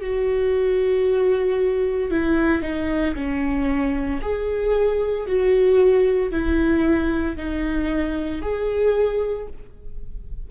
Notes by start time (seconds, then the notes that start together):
0.00 F#4
2.11 E4
2.61 D#4
3.14 C#4
4.21 G#4
5.26 F#4
6.31 E4
7.36 D#4
8.41 G#4